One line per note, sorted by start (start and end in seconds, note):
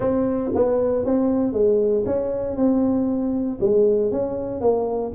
0.00 0.51 C4
0.54 1.05 B3
1.05 1.52 C4
1.52 2.04 G#3
2.05 2.56 C#4
2.56 3.59 C4
3.60 4.11 G#3
4.11 4.60 C#4
4.60 5.12 A#3